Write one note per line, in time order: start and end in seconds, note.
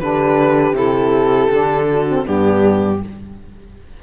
0.00 0.73 D3
0.00 0.74 D4
0.00 1.90 G4
0.00 0.75 B4
0.73 1.48 C3
0.73 1.49 E4
0.73 2.26 A4
1.49 2.25 D3
1.49 2.05 D4
1.91 2.26 F#4
2.08 2.25 C4
2.25 3.03 G2
2.25 3.00 B3
2.25 3.01 D4
2.25 3.01 G4